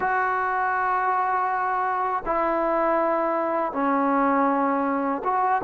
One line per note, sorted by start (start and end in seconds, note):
0.00 2.23 F#4
2.25 3.72 E4
3.72 5.22 C#4
5.24 5.61 F#4